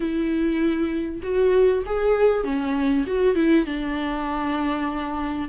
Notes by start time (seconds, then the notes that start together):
0.00 E4
1.22 F#4
1.86 G#4
2.44 C#4
3.06 F#4
3.35 E4
3.65 D4